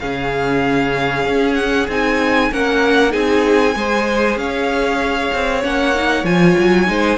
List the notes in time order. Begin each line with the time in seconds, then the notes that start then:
0.00 C#3 C#4 G#4 F5
1.26 C#4
1.55 F#5
1.89 C4 D#4 G#5
2.52 A#3 C#4 A#4 F#5
3.11 C4 D#4 G#4 G#5
3.76 G#3 G#4 C5
4.37 C#4 C#5 F5
5.34 C4
5.63 A#3 C#4 F#5
5.95 D#4
6.24 F3 F4 G#5
6.58 F#3
6.87 G#3 D#4 C5